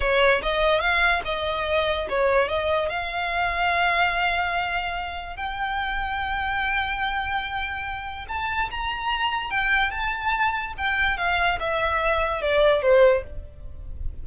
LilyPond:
\new Staff \with { instrumentName = "violin" } { \time 4/4 \tempo 4 = 145 cis''4 dis''4 f''4 dis''4~ | dis''4 cis''4 dis''4 f''4~ | f''1~ | f''4 g''2.~ |
g''1 | a''4 ais''2 g''4 | a''2 g''4 f''4 | e''2 d''4 c''4 | }